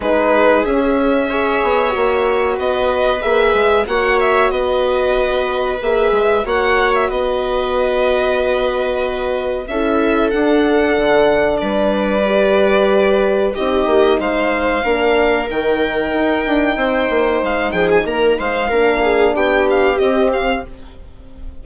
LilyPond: <<
  \new Staff \with { instrumentName = "violin" } { \time 4/4 \tempo 4 = 93 b'4 e''2. | dis''4 e''4 fis''8 e''8 dis''4~ | dis''4 e''4 fis''8. e''16 dis''4~ | dis''2. e''4 |
fis''2 d''2~ | d''4 dis''4 f''2 | g''2. f''8 g''16 gis''16 | ais''8 f''4. g''8 f''8 dis''8 f''8 | }
  \new Staff \with { instrumentName = "viola" } { \time 4/4 gis'2 cis''2 | b'2 cis''4 b'4~ | b'2 cis''4 b'4~ | b'2. a'4~ |
a'2 b'2~ | b'4 g'4 c''4 ais'4~ | ais'2 c''4. gis'8 | ais'8 c''8 ais'8 gis'8 g'2 | }
  \new Staff \with { instrumentName = "horn" } { \time 4/4 dis'4 cis'4 gis'4 fis'4~ | fis'4 gis'4 fis'2~ | fis'4 gis'4 fis'2~ | fis'2. e'4 |
d'2. g'4~ | g'4 dis'2 d'4 | dis'1~ | dis'4 d'2 c'4 | }
  \new Staff \with { instrumentName = "bassoon" } { \time 4/4 gis4 cis'4. b8 ais4 | b4 ais8 gis8 ais4 b4~ | b4 ais8 gis8 ais4 b4~ | b2. cis'4 |
d'4 d4 g2~ | g4 c'8 ais8 gis4 ais4 | dis4 dis'8 d'8 c'8 ais8 gis8 f8 | ais8 gis8 ais4 b4 c'4 | }
>>